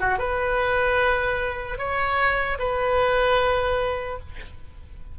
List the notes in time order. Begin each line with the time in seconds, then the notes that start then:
0.00 F#4
0.18 B4
1.78 C#5
2.59 B4